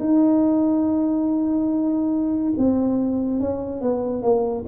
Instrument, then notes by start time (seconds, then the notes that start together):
tuba
0.00 D#4
2.58 C4
3.41 C#4
3.82 B3
4.23 A#3